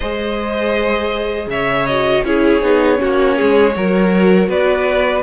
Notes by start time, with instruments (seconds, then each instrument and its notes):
0.00 cello G#3, viola G#4, violin C5 D#5
1.46 cello C#3, violin C#5 E5
1.86 viola F#4, violin D#5
2.24 cello C#4, viola E4, violin G#4 C#5
2.61 cello B3, viola D#4
2.96 viola C#4, violin F#4
3.03 cello A#3
3.36 cello G#3, violin G#4
3.75 cello F#3, viola F#4, violin A#4
4.48 cello B3, violin B4 D5